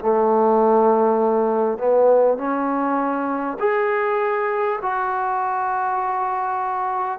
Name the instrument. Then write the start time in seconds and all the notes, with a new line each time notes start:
trombone
0.00 A3
1.79 B3
2.38 C#4
3.59 G#4
4.82 F#4